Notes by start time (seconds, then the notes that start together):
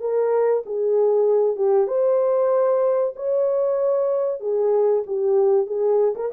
0.00 A#4
0.66 G#4
1.56 G4
1.87 C5
3.16 C#5
4.40 G#4
5.06 G4
5.66 G#4
6.16 A#4